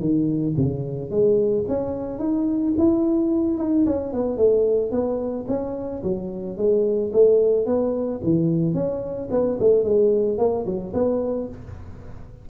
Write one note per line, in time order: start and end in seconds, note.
0.00 0.55 D#3
0.57 1.11 C#3
1.11 1.65 G#3
1.68 2.19 C#4
2.19 2.74 D#4
2.78 3.58 E4
3.58 3.85 D#4
3.87 4.13 C#4
4.13 4.38 B3
4.38 4.91 A3
4.91 5.46 B3
5.48 6.03 C#4
6.04 6.58 F#3
6.58 7.12 G#3
7.13 7.66 A3
7.66 8.21 B3
8.24 8.74 E3
8.74 9.29 C#4
9.31 9.59 B3
9.60 9.84 A3
9.84 10.38 G#3
10.38 10.66 A#3
10.66 10.93 F#3
10.94 11.48 B3